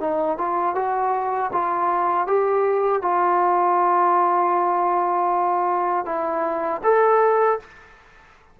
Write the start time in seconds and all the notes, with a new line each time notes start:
0.00 D#4
0.38 F4
0.75 F#4
1.52 F4
2.27 G4
3.01 F4
6.05 E4
6.83 A4